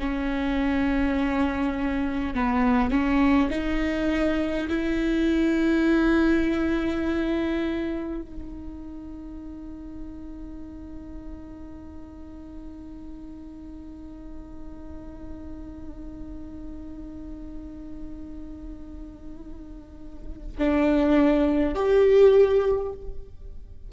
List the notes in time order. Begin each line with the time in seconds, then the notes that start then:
0.00 C#4
2.35 B3
2.91 C#4
3.50 D#4
4.69 E4
8.22 D#4
20.58 D4
21.75 G4